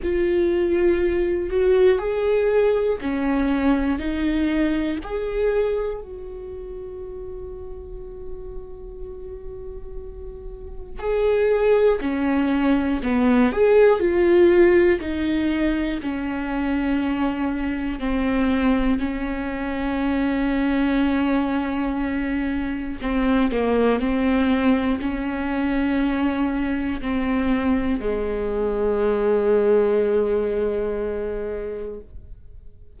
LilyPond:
\new Staff \with { instrumentName = "viola" } { \time 4/4 \tempo 4 = 60 f'4. fis'8 gis'4 cis'4 | dis'4 gis'4 fis'2~ | fis'2. gis'4 | cis'4 b8 gis'8 f'4 dis'4 |
cis'2 c'4 cis'4~ | cis'2. c'8 ais8 | c'4 cis'2 c'4 | gis1 | }